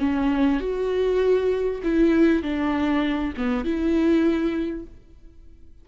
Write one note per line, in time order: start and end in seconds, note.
0.00 0.61 C#4
0.61 1.82 F#4
1.84 2.43 E4
2.43 3.34 D4
3.38 3.65 B3
3.65 4.86 E4